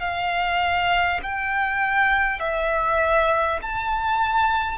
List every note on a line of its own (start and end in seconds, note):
0.00 1.20 F5
1.23 2.39 G5
2.39 3.59 E5
3.62 4.78 A5